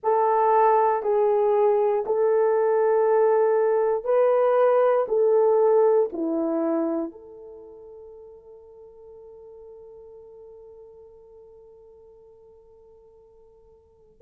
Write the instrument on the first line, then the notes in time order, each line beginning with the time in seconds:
horn
0.03 A4
1.02 G#4
2.06 A4
4.04 B4
5.08 A4
6.12 E4
7.11 A4